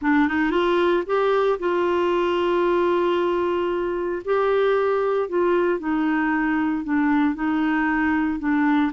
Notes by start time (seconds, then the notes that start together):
0.01 D4
0.28 D#4
0.50 F4
1.06 G4
1.59 F4
4.24 G4
5.28 F4
5.79 D#4
6.84 D4
7.34 D#4
8.39 D4